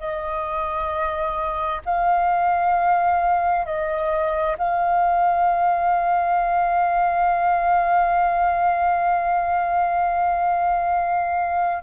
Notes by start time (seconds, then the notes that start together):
0.00 D#5
1.86 F5
3.66 D#5
4.58 F5